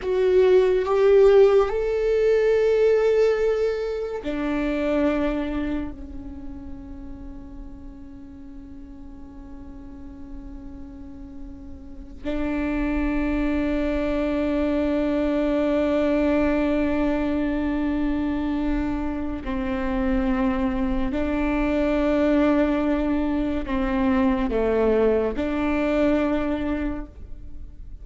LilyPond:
\new Staff \with { instrumentName = "viola" } { \time 4/4 \tempo 4 = 71 fis'4 g'4 a'2~ | a'4 d'2 cis'4~ | cis'1~ | cis'2~ cis'8 d'4.~ |
d'1~ | d'2. c'4~ | c'4 d'2. | c'4 a4 d'2 | }